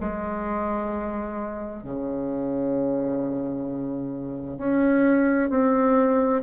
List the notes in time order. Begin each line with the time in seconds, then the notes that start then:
0.00 G#3
1.83 C#3
4.57 C#4
5.50 C4